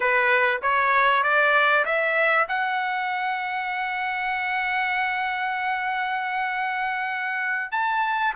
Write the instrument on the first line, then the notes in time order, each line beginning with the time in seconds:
trumpet
0.00 B4
0.62 C#5
1.23 D5
1.85 E5
2.48 F#5
7.71 A5